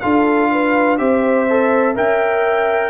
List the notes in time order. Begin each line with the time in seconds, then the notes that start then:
0.00 D4 F4 A4 F5
0.51 B4
0.98 C4 G4 C5 E5
1.49 A4
1.95 C#4 A#4 E5 G5